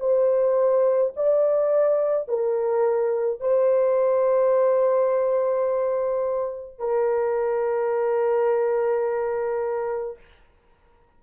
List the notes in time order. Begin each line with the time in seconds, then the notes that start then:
0.00 C5
1.16 D5
2.28 A#4
3.41 C5
6.79 A#4